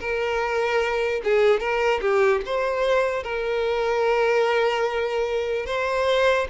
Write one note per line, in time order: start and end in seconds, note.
0.00 1.22 A#4
1.24 1.60 G#4
1.60 2.00 A#4
2.01 2.42 G4
2.45 3.23 C5
3.23 5.66 A#4
5.66 6.47 C5